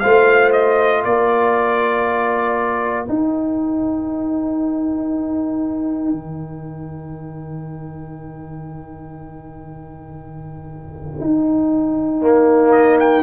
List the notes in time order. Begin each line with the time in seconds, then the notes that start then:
0.00 A3 F4 C5 F5
0.53 D#5
1.02 A#3 A#4 D5
3.06 D#4 G5
6.12 D#3
11.21 D#4
12.21 A#3
12.72 D#5
13.00 G5